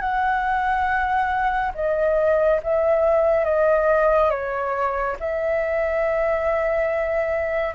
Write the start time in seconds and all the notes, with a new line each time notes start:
0.00 F#5
1.74 D#5
2.63 E5
3.44 D#5
4.30 C#5
5.19 E5